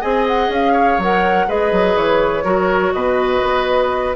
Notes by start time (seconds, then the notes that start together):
0.00 C4 G#4 D#5 G#5
0.27 F#5
0.48 C#4 F5
0.72 C#5
0.98 F#3 A#4 F#5
1.47 G#3 G#4 B4 D#5
1.72 F#3
1.95 E3 C#5
2.43 F#3 F#4 A#4
2.92 B2 B4 D#5
3.42 B3